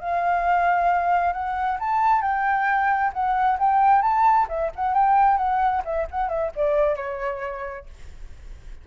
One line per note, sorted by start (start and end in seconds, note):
0.00 1.33 F5
1.33 1.78 F#5
1.80 2.21 A5
2.21 3.12 G5
3.13 3.58 F#5
3.58 4.02 G5
4.02 4.47 A5
4.49 4.71 E5
4.76 4.94 F#5
4.94 5.37 G5
5.37 5.82 F#5
5.85 6.07 E5
6.10 6.29 F#5
6.29 6.51 E5
6.56 6.96 D5
6.96 7.86 C#5